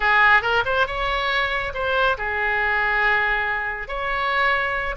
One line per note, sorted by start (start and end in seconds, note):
0.00 0.42 G#4
0.42 0.63 A#4
0.65 0.86 C5
0.86 1.73 C#5
1.73 2.17 C5
2.17 3.87 G#4
3.87 4.95 C#5